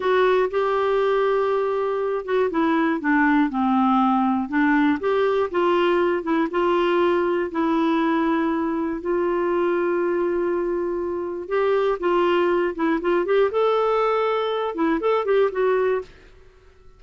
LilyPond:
\new Staff \with { instrumentName = "clarinet" } { \time 4/4 \tempo 4 = 120 fis'4 g'2.~ | g'8 fis'8 e'4 d'4 c'4~ | c'4 d'4 g'4 f'4~ | f'8 e'8 f'2 e'4~ |
e'2 f'2~ | f'2. g'4 | f'4. e'8 f'8 g'8 a'4~ | a'4. e'8 a'8 g'8 fis'4 | }